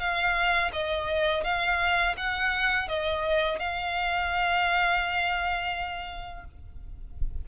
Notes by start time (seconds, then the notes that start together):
0.00 F5
0.73 D#5
1.44 F5
2.17 F#5
2.89 D#5
3.59 F5